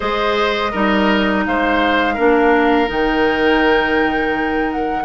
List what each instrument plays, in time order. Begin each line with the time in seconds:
0.00 bassoon G#3, clarinet G#4, oboe C5, flute D#5
0.71 bassoon G3, clarinet D#4, oboe A#4
1.45 bassoon G#3, oboe C5, flute F5
2.14 bassoon A#3, clarinet D4, oboe A#4
2.87 bassoon D#3, clarinet D#4, flute G5
4.71 flute F#5